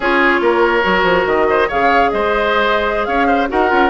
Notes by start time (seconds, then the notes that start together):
0.00 C#4 F4 G#4 C#5
0.40 A#3 A#4
0.82 F#3 F#4
1.03 F3
1.26 D#3 D#5
1.49 C5
1.68 C#3 G#4 C#5 F5
2.10 G#3 C5 D#5
3.04 C#4 C#5 F5
3.27 C5
3.48 D#4 F#4 A#4 F#5
3.68 C#4 F4